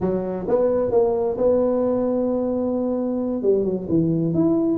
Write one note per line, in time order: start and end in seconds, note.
0.00 0.46 F#3
0.48 0.91 B3
0.91 1.36 A#3
1.37 3.42 B3
3.42 3.64 G3
3.64 3.87 F#3
3.88 4.33 E3
4.33 4.78 E4